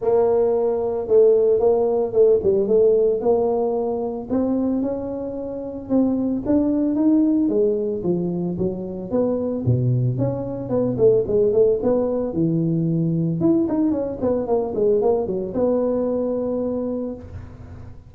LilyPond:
\new Staff \with { instrumentName = "tuba" } { \time 4/4 \tempo 4 = 112 ais2 a4 ais4 | a8 g8 a4 ais2 | c'4 cis'2 c'4 | d'4 dis'4 gis4 f4 |
fis4 b4 b,4 cis'4 | b8 a8 gis8 a8 b4 e4~ | e4 e'8 dis'8 cis'8 b8 ais8 gis8 | ais8 fis8 b2. | }